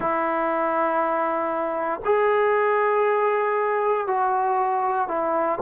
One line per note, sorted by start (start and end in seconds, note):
0.00 2.00 E4
2.04 4.07 G#4
4.07 5.08 F#4
5.08 5.58 E4